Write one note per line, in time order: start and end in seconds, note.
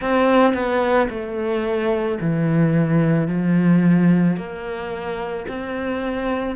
0.00 0.53 C4
0.53 1.08 B3
1.09 2.18 A3
2.21 3.27 E3
3.27 4.36 F3
4.36 5.45 A#3
5.48 6.56 C4